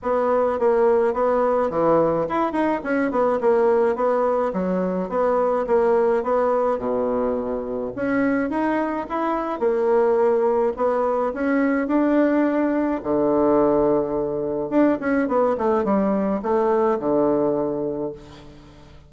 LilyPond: \new Staff \with { instrumentName = "bassoon" } { \time 4/4 \tempo 4 = 106 b4 ais4 b4 e4 | e'8 dis'8 cis'8 b8 ais4 b4 | fis4 b4 ais4 b4 | b,2 cis'4 dis'4 |
e'4 ais2 b4 | cis'4 d'2 d4~ | d2 d'8 cis'8 b8 a8 | g4 a4 d2 | }